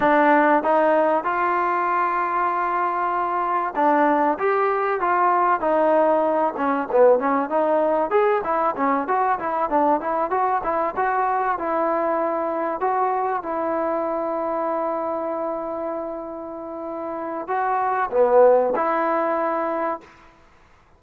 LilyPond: \new Staff \with { instrumentName = "trombone" } { \time 4/4 \tempo 4 = 96 d'4 dis'4 f'2~ | f'2 d'4 g'4 | f'4 dis'4. cis'8 b8 cis'8 | dis'4 gis'8 e'8 cis'8 fis'8 e'8 d'8 |
e'8 fis'8 e'8 fis'4 e'4.~ | e'8 fis'4 e'2~ e'8~ | e'1 | fis'4 b4 e'2 | }